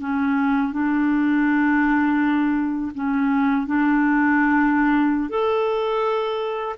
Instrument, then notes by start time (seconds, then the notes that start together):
clarinet
0.00 C#4
0.72 D4
2.94 C#4
3.66 D4
5.29 A4